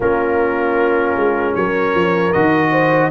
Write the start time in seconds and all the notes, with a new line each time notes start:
0.00 A#3 C#4 F4 A#4
1.16 G#3
1.55 F#3 A#4 C#5
1.94 F3
2.32 D#3 F#4 D#5
2.70 C5